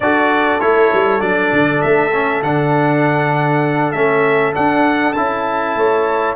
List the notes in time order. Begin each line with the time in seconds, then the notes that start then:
0.00 D4 F#4 A4 D5
0.60 A3 E4 C#5
0.93 G3
1.20 F#3 D4 D5
1.52 D3
1.81 A3 E5
2.13 C#4
2.42 D3 D4 F#5
3.91 A3 C#4 E5
4.53 D4 F#5
5.12 C#4 E4 A5
5.76 A3 C#5